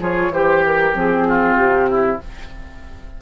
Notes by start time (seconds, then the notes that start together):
0.00 F3 F4 G#4 C#5
0.29 E3 G4 C5
0.65 A#4
0.93 F3 C4 G#4
1.28 F4
1.56 C3 G4
1.90 E4